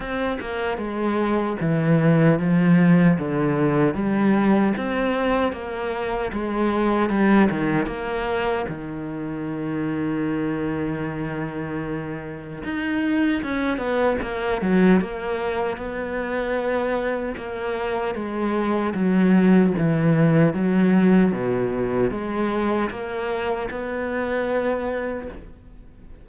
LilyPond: \new Staff \with { instrumentName = "cello" } { \time 4/4 \tempo 4 = 76 c'8 ais8 gis4 e4 f4 | d4 g4 c'4 ais4 | gis4 g8 dis8 ais4 dis4~ | dis1 |
dis'4 cis'8 b8 ais8 fis8 ais4 | b2 ais4 gis4 | fis4 e4 fis4 b,4 | gis4 ais4 b2 | }